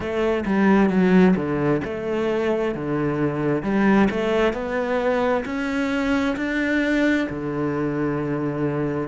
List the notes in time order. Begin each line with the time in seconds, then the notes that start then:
0.00 A3
0.45 G3
0.89 F#3
1.36 D3
1.84 A3
2.74 D3
3.62 G3
4.10 A3
4.53 B3
5.45 C#4
6.36 D4
7.29 D3